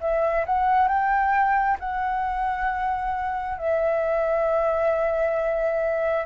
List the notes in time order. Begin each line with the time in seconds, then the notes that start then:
0.00 E5
0.46 F#5
0.88 G5
1.80 F#5
3.58 E5